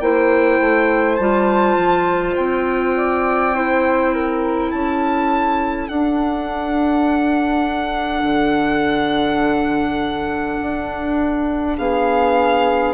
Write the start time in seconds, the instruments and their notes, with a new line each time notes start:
0.00 bassoon A#3, clarinet E4, flute C5, violin G5
0.61 bassoon A3
1.16 bassoon G3, clarinet F4, violin A5
1.77 bassoon F3
2.36 bassoon C4, violin G5
2.97 flute D5
3.54 clarinet E4, flute C5
4.14 flute A#4
4.71 bassoon C#4, flute A4, violin A5
5.89 bassoon D4, clarinet D4, violin F#5
8.23 bassoon D3
10.62 bassoon D4
11.78 bassoon B3, flute G#4, violin F5